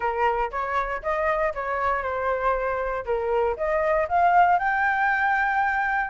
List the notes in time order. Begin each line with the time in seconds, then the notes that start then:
0.00 A#4
0.51 C#5
1.02 D#5
1.54 C#5
2.02 C5
3.05 A#4
3.56 D#5
4.08 F5
4.59 G5